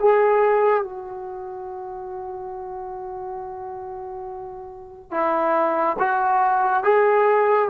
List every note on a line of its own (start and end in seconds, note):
0.00 0.84 G#4
0.84 5.11 F#4
5.11 5.97 E4
5.99 6.84 F#4
6.84 7.69 G#4